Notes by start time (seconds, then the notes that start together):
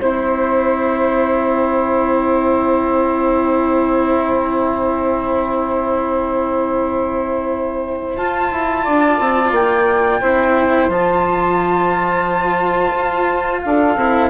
0.00 C4 E4 C5
1.35 G5
8.16 F4 A5
8.52 E4
8.84 D4 D5
9.20 C4
9.52 A#3 G5
10.20 C4 E4 C5
10.88 F3 F4 A5
12.95 F4
13.62 D4 A4 F5
13.97 C4 E4